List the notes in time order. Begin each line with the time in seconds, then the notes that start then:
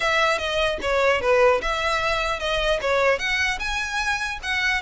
0.00 E5
0.38 D#5
0.81 C#5
1.21 B4
1.61 E5
2.39 D#5
2.81 C#5
3.18 F#5
3.59 G#5
4.42 F#5